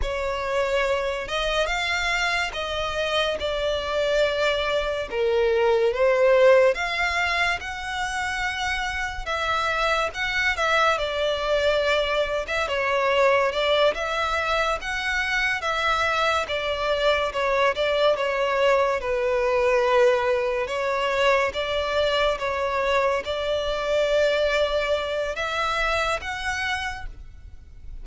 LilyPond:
\new Staff \with { instrumentName = "violin" } { \time 4/4 \tempo 4 = 71 cis''4. dis''8 f''4 dis''4 | d''2 ais'4 c''4 | f''4 fis''2 e''4 | fis''8 e''8 d''4.~ d''16 e''16 cis''4 |
d''8 e''4 fis''4 e''4 d''8~ | d''8 cis''8 d''8 cis''4 b'4.~ | b'8 cis''4 d''4 cis''4 d''8~ | d''2 e''4 fis''4 | }